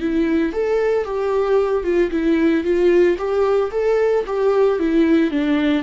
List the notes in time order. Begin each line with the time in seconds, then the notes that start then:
0.00 E4
0.53 A4
1.05 G4
1.84 F4
2.11 E4
2.64 F4
3.18 G4
3.71 A4
4.26 G4
4.79 E4
5.31 D4